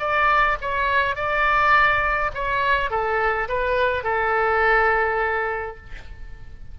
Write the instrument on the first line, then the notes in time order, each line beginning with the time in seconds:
oboe
0.00 D5
0.61 C#5
1.16 D5
2.35 C#5
2.91 A4
3.49 B4
4.04 A4